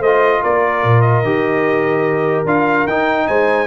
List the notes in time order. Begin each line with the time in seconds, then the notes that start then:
0.00 A3 C5 D#5
0.06 F4
0.43 A#3 A#4 D5
0.84 A#2
1.02 D#5
1.23 D#3 G4
2.46 D4 F4 F5
2.87 D#4 G5
3.28 G#3 C5 G#5